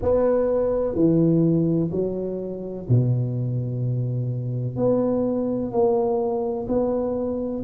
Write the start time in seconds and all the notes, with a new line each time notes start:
0.02 B3
0.94 E3
1.90 F#3
2.88 B2
4.76 B3
5.71 A#3
6.68 B3